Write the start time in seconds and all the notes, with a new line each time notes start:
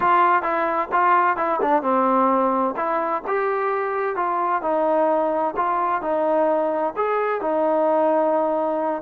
0.00 F4
0.42 E4
0.91 F4
1.36 E4
1.61 D4
1.82 C4
2.76 E4
3.27 G4
4.16 F4
4.62 D#4
5.56 F4
6.01 D#4
6.96 G#4
7.41 D#4